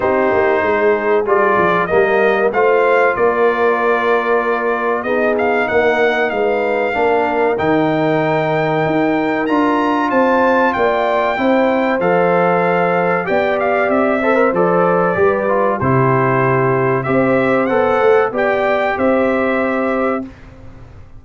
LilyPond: <<
  \new Staff \with { instrumentName = "trumpet" } { \time 4/4 \tempo 4 = 95 c''2 d''4 dis''4 | f''4 d''2. | dis''8 f''8 fis''4 f''2 | g''2. ais''4 |
a''4 g''2 f''4~ | f''4 g''8 f''8 e''4 d''4~ | d''4 c''2 e''4 | fis''4 g''4 e''2 | }
  \new Staff \with { instrumentName = "horn" } { \time 4/4 g'4 gis'2 ais'4 | c''4 ais'2. | gis'4 ais'4 b'4 ais'4~ | ais'1 |
c''4 d''4 c''2~ | c''4 d''4. c''4. | b'4 g'2 c''4~ | c''4 d''4 c''2 | }
  \new Staff \with { instrumentName = "trombone" } { \time 4/4 dis'2 f'4 ais4 | f'1 | dis'2. d'4 | dis'2. f'4~ |
f'2 e'4 a'4~ | a'4 g'4. a'16 ais'16 a'4 | g'8 f'8 e'2 g'4 | a'4 g'2. | }
  \new Staff \with { instrumentName = "tuba" } { \time 4/4 c'8 ais8 gis4 g8 f8 g4 | a4 ais2. | b4 ais4 gis4 ais4 | dis2 dis'4 d'4 |
c'4 ais4 c'4 f4~ | f4 b4 c'4 f4 | g4 c2 c'4 | b8 a8 b4 c'2 | }
>>